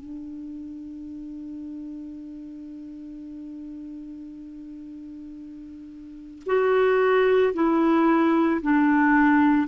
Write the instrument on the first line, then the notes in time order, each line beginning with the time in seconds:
clarinet
0.00 D4
6.46 F#4
7.53 E4
8.62 D4